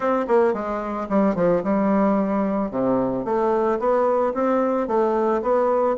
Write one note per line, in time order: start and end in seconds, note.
0.00 0.26 C4
0.27 0.53 A#3
0.53 1.07 G#3
1.09 1.35 G3
1.35 1.62 F3
1.63 2.71 G3
2.71 3.24 C3
3.24 3.78 A3
3.79 4.33 B3
4.34 4.87 C4
4.87 5.41 A3
5.42 5.96 B3